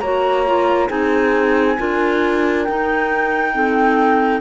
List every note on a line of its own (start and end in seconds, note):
0.00 0.90 A#3
0.00 0.47 F#4
0.00 0.88 C#5
0.00 0.88 A#5
0.47 0.89 F4
0.88 1.78 C4
0.88 1.77 D#4
0.88 1.76 G#4
0.88 2.65 G#5
1.78 2.68 D4
1.78 2.67 F4
1.78 3.55 A#4
2.65 3.55 D#4
2.65 4.42 D#4
2.65 4.41 G5
3.55 4.42 C4
3.55 4.42 A4